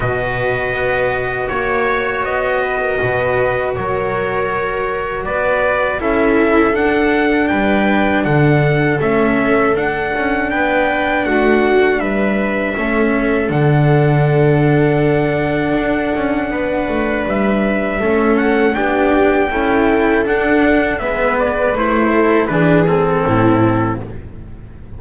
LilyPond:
<<
  \new Staff \with { instrumentName = "trumpet" } { \time 4/4 \tempo 4 = 80 dis''2 cis''4 dis''4~ | dis''4 cis''2 d''4 | e''4 fis''4 g''4 fis''4 | e''4 fis''4 g''4 fis''4 |
e''2 fis''2~ | fis''2. e''4~ | e''8 fis''8 g''2 fis''4 | e''8 d''8 c''4 b'8 a'4. | }
  \new Staff \with { instrumentName = "viola" } { \time 4/4 b'2 cis''4. b'16 ais'16 | b'4 ais'2 b'4 | a'2 b'4 a'4~ | a'2 b'4 fis'4 |
b'4 a'2.~ | a'2 b'2 | a'4 g'4 a'2 | b'4. a'8 gis'4 e'4 | }
  \new Staff \with { instrumentName = "cello" } { \time 4/4 fis'1~ | fis'1 | e'4 d'2. | cis'4 d'2.~ |
d'4 cis'4 d'2~ | d'1 | cis'4 d'4 e'4 d'4 | b4 e'4 d'8 c'4. | }
  \new Staff \with { instrumentName = "double bass" } { \time 4/4 b,4 b4 ais4 b4 | b,4 fis2 b4 | cis'4 d'4 g4 d4 | a4 d'8 cis'8 b4 a4 |
g4 a4 d2~ | d4 d'8 cis'8 b8 a8 g4 | a4 b4 cis'4 d'4 | gis4 a4 e4 a,4 | }
>>